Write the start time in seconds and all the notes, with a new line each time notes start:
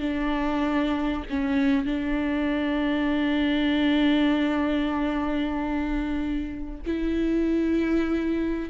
0.00 D4
1.30 C#4
1.86 D4
6.87 E4